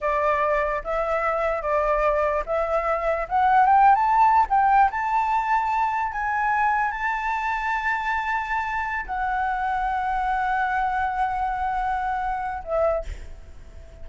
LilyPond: \new Staff \with { instrumentName = "flute" } { \time 4/4 \tempo 4 = 147 d''2 e''2 | d''2 e''2 | fis''4 g''8. a''4~ a''16 g''4 | a''2. gis''4~ |
gis''4 a''2.~ | a''2~ a''16 fis''4.~ fis''16~ | fis''1~ | fis''2. e''4 | }